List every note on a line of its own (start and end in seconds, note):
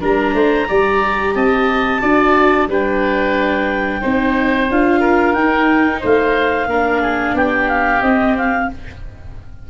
0.00 0.33 G3
0.00 0.67 D4
0.00 0.34 A#4
0.00 1.35 A#5
0.33 0.67 A3
0.33 0.67 C5
0.68 1.35 G3
0.68 2.00 G4
0.68 1.34 D5
1.35 2.01 C4
1.35 2.01 D#5
1.35 2.68 A5
2.00 2.67 D4
2.00 2.66 F#4
2.00 2.68 D5
2.67 4.01 G3
2.67 4.01 D4
2.67 4.01 B4
2.67 4.71 G5
4.01 4.70 C4
4.01 4.68 D#4
4.01 5.00 C5
4.70 5.34 D4
4.70 5.36 F4
4.70 5.33 F5
5.00 6.00 A#4
5.33 6.00 D#4
5.33 6.69 D#4
5.33 6.00 G5
6.00 6.66 A3
6.00 6.67 C5
6.00 7.37 F5
6.66 7.33 A#3
6.66 8.02 D4
6.66 7.01 A#4
7.01 7.35 G#4
7.34 8.01 B3
7.34 8.69 G4
7.34 7.68 G5
7.68 8.01 F5
8.02 8.68 C4
8.02 8.35 D#5
8.37 8.70 F5